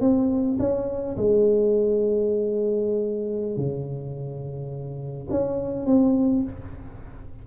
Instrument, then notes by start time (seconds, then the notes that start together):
tuba
0.00 C4
0.59 C#4
1.17 G#3
3.56 C#3
5.30 C#4
5.86 C4